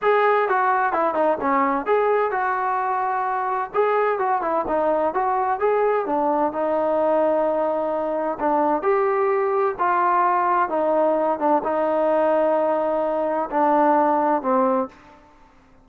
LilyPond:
\new Staff \with { instrumentName = "trombone" } { \time 4/4 \tempo 4 = 129 gis'4 fis'4 e'8 dis'8 cis'4 | gis'4 fis'2. | gis'4 fis'8 e'8 dis'4 fis'4 | gis'4 d'4 dis'2~ |
dis'2 d'4 g'4~ | g'4 f'2 dis'4~ | dis'8 d'8 dis'2.~ | dis'4 d'2 c'4 | }